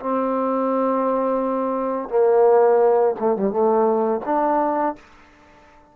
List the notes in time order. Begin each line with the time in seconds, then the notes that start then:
0.00 C4
2.10 A#3
3.20 A3
3.37 G3
3.51 A3
4.25 D4